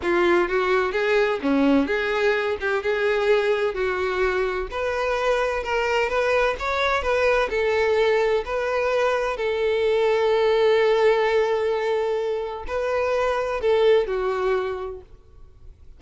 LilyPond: \new Staff \with { instrumentName = "violin" } { \time 4/4 \tempo 4 = 128 f'4 fis'4 gis'4 cis'4 | gis'4. g'8 gis'2 | fis'2 b'2 | ais'4 b'4 cis''4 b'4 |
a'2 b'2 | a'1~ | a'2. b'4~ | b'4 a'4 fis'2 | }